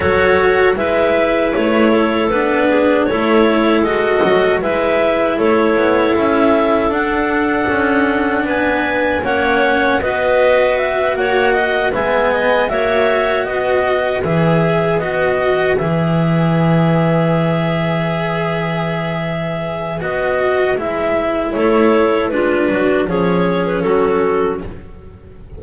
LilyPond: <<
  \new Staff \with { instrumentName = "clarinet" } { \time 4/4 \tempo 4 = 78 cis''4 e''4 cis''4 b'4 | cis''4 dis''4 e''4 cis''4 | e''4 fis''2 gis''4 | fis''4 dis''4 e''8 fis''4 gis''8~ |
gis''8 e''4 dis''4 e''4 dis''8~ | dis''8 e''2.~ e''8~ | e''2 dis''4 e''4 | cis''4 b'4 cis''8. b'16 a'4 | }
  \new Staff \with { instrumentName = "clarinet" } { \time 4/4 a'4 b'4. a'4 gis'8 | a'2 b'4 a'4~ | a'2. b'4 | cis''4 b'4. cis''8 dis''8 e''8 |
dis''8 cis''4 b'2~ b'8~ | b'1~ | b'1 | a'4 f'8 fis'8 gis'4 fis'4 | }
  \new Staff \with { instrumentName = "cello" } { \time 4/4 fis'4 e'2 d'4 | e'4 fis'4 e'2~ | e'4 d'2. | cis'4 fis'2~ fis'8 b8~ |
b8 fis'2 gis'4 fis'8~ | fis'8 gis'2.~ gis'8~ | gis'2 fis'4 e'4~ | e'4 d'4 cis'2 | }
  \new Staff \with { instrumentName = "double bass" } { \time 4/4 fis4 gis4 a4 b4 | a4 gis8 fis8 gis4 a8 b8 | cis'4 d'4 cis'4 b4 | ais4 b4. ais4 gis8~ |
gis8 ais4 b4 e4 b8~ | b8 e2.~ e8~ | e2 b4 gis4 | a4 gis8 fis8 f4 fis4 | }
>>